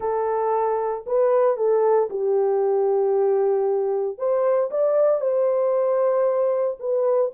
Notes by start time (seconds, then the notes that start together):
0.00 A4
1.06 B4
1.57 A4
2.10 G4
4.18 C5
4.71 D5
5.20 C5
6.79 B4